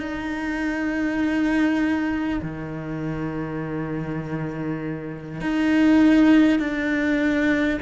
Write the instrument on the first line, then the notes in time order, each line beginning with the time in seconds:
cello
0.00 D#4
2.42 D#3
5.41 D#4
6.59 D4